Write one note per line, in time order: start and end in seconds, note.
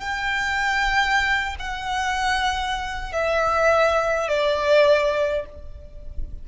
0.00 1.56 G5
1.59 3.12 F#5
3.12 4.29 E5
4.29 5.46 D5